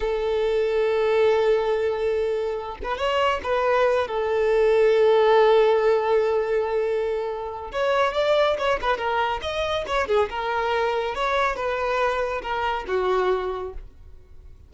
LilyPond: \new Staff \with { instrumentName = "violin" } { \time 4/4 \tempo 4 = 140 a'1~ | a'2~ a'8 b'8 cis''4 | b'4. a'2~ a'8~ | a'1~ |
a'2 cis''4 d''4 | cis''8 b'8 ais'4 dis''4 cis''8 gis'8 | ais'2 cis''4 b'4~ | b'4 ais'4 fis'2 | }